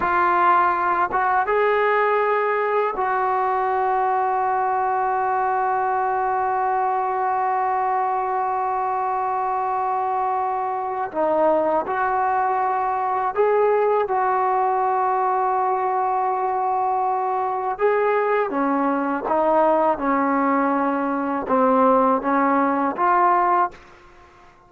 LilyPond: \new Staff \with { instrumentName = "trombone" } { \time 4/4 \tempo 4 = 81 f'4. fis'8 gis'2 | fis'1~ | fis'1~ | fis'2. dis'4 |
fis'2 gis'4 fis'4~ | fis'1 | gis'4 cis'4 dis'4 cis'4~ | cis'4 c'4 cis'4 f'4 | }